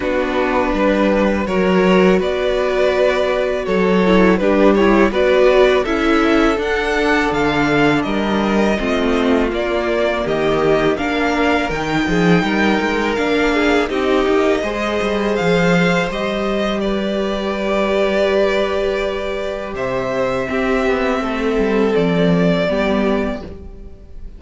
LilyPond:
<<
  \new Staff \with { instrumentName = "violin" } { \time 4/4 \tempo 4 = 82 b'2 cis''4 d''4~ | d''4 cis''4 b'8 cis''8 d''4 | e''4 fis''4 f''4 dis''4~ | dis''4 d''4 dis''4 f''4 |
g''2 f''4 dis''4~ | dis''4 f''4 dis''4 d''4~ | d''2. e''4~ | e''2 d''2 | }
  \new Staff \with { instrumentName = "violin" } { \time 4/4 fis'4 b'4 ais'4 b'4~ | b'4 a'4 g'4 b'4 | a'2. ais'4 | f'2 g'4 ais'4~ |
ais'8 gis'8 ais'4. gis'8 g'4 | c''2. b'4~ | b'2. c''4 | g'4 a'2 g'4 | }
  \new Staff \with { instrumentName = "viola" } { \time 4/4 d'2 fis'2~ | fis'4. e'8 d'8 e'8 fis'4 | e'4 d'2. | c'4 ais2 d'4 |
dis'2 d'4 dis'4 | gis'2 g'2~ | g'1 | c'2. b4 | }
  \new Staff \with { instrumentName = "cello" } { \time 4/4 b4 g4 fis4 b4~ | b4 fis4 g4 b4 | cis'4 d'4 d4 g4 | a4 ais4 dis4 ais4 |
dis8 f8 g8 gis8 ais4 c'8 ais8 | gis8 g8 f4 g2~ | g2. c4 | c'8 b8 a8 g8 f4 g4 | }
>>